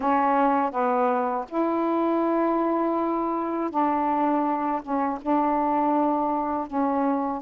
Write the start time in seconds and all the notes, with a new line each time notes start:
0.00 C#4
0.71 B3
1.48 E4
3.70 D4
4.81 C#4
5.21 D4
6.67 C#4